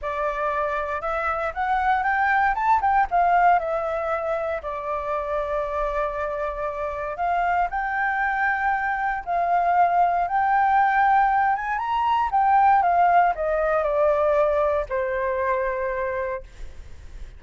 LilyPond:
\new Staff \with { instrumentName = "flute" } { \time 4/4 \tempo 4 = 117 d''2 e''4 fis''4 | g''4 a''8 g''8 f''4 e''4~ | e''4 d''2.~ | d''2 f''4 g''4~ |
g''2 f''2 | g''2~ g''8 gis''8 ais''4 | g''4 f''4 dis''4 d''4~ | d''4 c''2. | }